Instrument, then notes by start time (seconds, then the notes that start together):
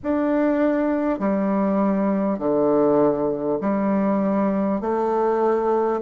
bassoon
0.03 D4
1.19 G3
2.38 D3
3.61 G3
4.80 A3